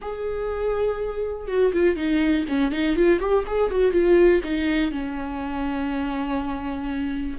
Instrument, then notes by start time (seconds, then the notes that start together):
viola
0.01 G#4
1.47 F#4
1.73 F4
1.96 D#4
2.48 C#4
2.71 D#4
2.96 F4
3.19 G4
3.46 G#4
3.70 F#4
3.91 F4
4.43 D#4
4.91 C#4